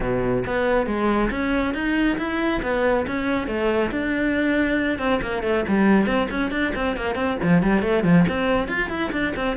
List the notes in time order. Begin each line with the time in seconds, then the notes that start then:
0.00 B2
0.46 B3
0.86 G#3
1.30 C#4
1.74 D#4
2.17 E4
2.62 B3
3.06 C#4
3.47 A3
3.91 D4
4.98 C4
5.21 A#3
5.42 A3
5.68 G3
6.06 C4
6.30 C#4
6.51 D4
6.75 C4
6.96 A#3
7.15 C4
7.42 F3
7.62 G3
7.81 A3
8.03 F3
8.28 C4
8.68 F4
8.89 E4
9.12 D4
9.36 C4